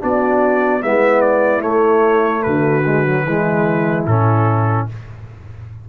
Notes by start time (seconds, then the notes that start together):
0.00 B3 D4 F#4 D5
0.81 G#3 B3 E4 E5
1.21 D5
1.61 A3 C#5
2.43 D3 F#4 B4
2.85 G#3
3.06 F#3
3.24 E3 G#3 E4
4.06 A2 C#4 A4